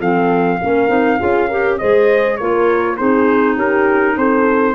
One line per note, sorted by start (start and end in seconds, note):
0.00 0.60 F3
0.00 0.60 C4
0.00 0.59 A4
0.00 1.78 F5
0.62 0.89 A#3
0.62 0.88 C#4
0.62 1.20 A#4
0.88 1.19 C4
0.88 1.18 D#4
1.19 1.81 C#4
1.19 1.49 F4
1.19 1.49 G#4
1.49 1.80 G4
1.49 1.78 A#4
1.78 2.41 G#3
1.78 2.40 G#4
1.78 2.40 C5
1.78 2.37 D#5
2.37 3.00 A#3
2.37 2.98 F4
2.37 2.98 A#4
2.37 2.97 C#5
2.97 3.57 C4
2.97 4.76 D#4
2.97 3.56 G#4
2.97 3.57 C5
3.56 4.16 C#4
3.56 4.15 G4
3.56 4.18 A#4
4.17 4.76 C4
4.17 4.76 A4
4.17 4.76 C5